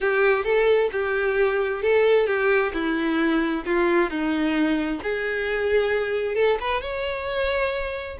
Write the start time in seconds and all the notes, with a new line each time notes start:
0.00 G4
0.44 A4
0.92 G4
1.82 A4
2.26 G4
2.73 E4
3.65 F4
4.10 D#4
5.02 G#4
6.35 A4
6.60 B4
6.81 C#5